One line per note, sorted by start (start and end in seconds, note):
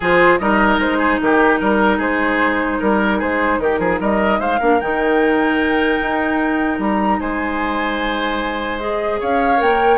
0.00 0.40 F3
0.00 0.40 F4
0.00 0.39 G#4
0.00 0.38 C5
0.38 0.78 G3
0.38 4.60 D#4
0.38 0.98 A#4
0.38 0.78 D#5
0.78 1.18 G#3
0.78 1.20 C5
0.98 1.18 G#4
1.21 1.61 D#3
1.21 1.59 G4
1.21 2.01 A#4
1.59 1.98 G3
1.59 1.97 A#4
1.97 2.78 G#3
1.97 2.77 G#4
1.97 2.81 C5
2.79 3.22 G3
2.79 3.18 A#4
2.79 3.20 A#4
3.18 3.59 G#3
3.18 3.58 G#4
3.18 3.59 C5
3.59 3.78 D#3
3.59 3.79 G4
3.59 3.99 A#4
3.78 3.98 F3
3.78 3.99 G#4
4.00 4.39 G3
4.00 4.39 A#4
4.00 4.40 D#5
4.39 4.59 G#3
4.39 4.59 C5
4.39 4.80 F5
4.59 4.81 A#3
4.59 4.80 D4
4.59 7.19 A#4
4.80 6.00 D#3
4.80 8.80 D#4
4.80 6.80 G5
6.00 6.78 D#4
6.78 7.18 G3
6.78 7.20 A#5
7.19 9.21 G#3
7.19 9.19 C5
7.19 8.79 G#5
8.79 9.57 G#4
8.79 9.19 D#5
9.20 9.61 C#4
9.20 9.98 C#5
9.20 9.61 F5
9.57 9.98 A#3
9.57 9.97 A#4
9.57 9.98 G5